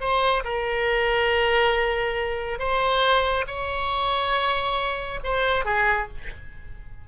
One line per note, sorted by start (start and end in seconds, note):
0.00 0.43 C5
0.44 2.59 A#4
2.59 3.45 C5
3.47 5.19 C#5
5.23 5.65 C5
5.65 6.08 G#4